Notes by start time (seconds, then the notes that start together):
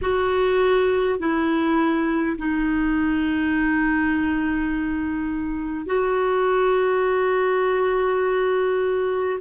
0.01 F#4
1.19 E4
2.37 D#4
5.86 F#4